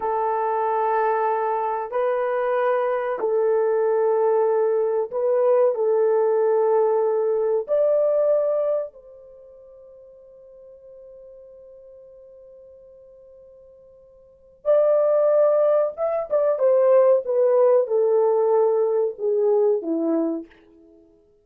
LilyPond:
\new Staff \with { instrumentName = "horn" } { \time 4/4 \tempo 4 = 94 a'2. b'4~ | b'4 a'2. | b'4 a'2. | d''2 c''2~ |
c''1~ | c''2. d''4~ | d''4 e''8 d''8 c''4 b'4 | a'2 gis'4 e'4 | }